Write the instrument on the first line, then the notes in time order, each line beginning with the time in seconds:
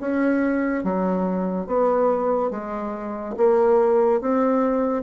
bassoon
0.00 C#4
0.84 F#3
1.67 B3
2.50 G#3
3.37 A#3
4.21 C4